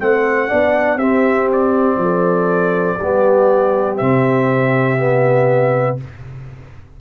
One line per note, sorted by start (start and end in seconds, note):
0.00 0.51 A3
0.00 0.49 C4
0.00 0.49 C5
0.00 0.99 F#5
0.49 0.96 B3
0.49 0.99 D4
0.49 0.98 D5
0.96 1.96 C4
0.96 2.99 C4
0.96 1.98 G4
0.96 1.49 E5
1.53 3.98 D5
1.98 2.98 F3
1.98 2.99 A4
2.99 4.01 G3
2.99 4.00 B3
2.99 5.99 G4
3.98 6.01 C3
3.98 4.98 C4
3.98 5.97 E5
4.98 5.98 B3